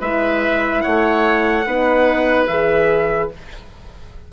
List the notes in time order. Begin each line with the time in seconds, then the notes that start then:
0.00 G#3 E4 B4 E5
0.81 A3 C#5 F#5
1.66 B3 D#4 B4
2.47 E3 G#4 E5